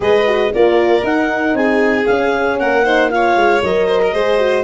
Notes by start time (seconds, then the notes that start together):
0.00 G#3 G#4 B4 D#5
0.27 F#4
0.53 A#3 F4 A#4 D5
1.01 D#4 F#5
1.53 C4 G#4 G#5
2.06 C#4 F5
2.59 A#3 A#4 F#5
2.84 D#4 C5
3.09 F4 C#5 F5
3.36 G#3
3.62 F#3 A#4 D#5
3.87 C5
4.02 A#4
4.13 G#3 G#4 C5
4.38 F#4